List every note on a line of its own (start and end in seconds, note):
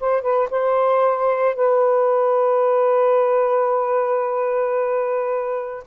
0.00 0.22 C5
0.22 0.48 B4
0.50 1.55 C5
1.55 5.84 B4